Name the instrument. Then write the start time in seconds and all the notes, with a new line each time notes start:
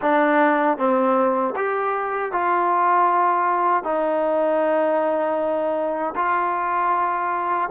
trombone
0.01 D4
0.77 C4
1.56 G4
2.31 F4
3.83 D#4
6.15 F4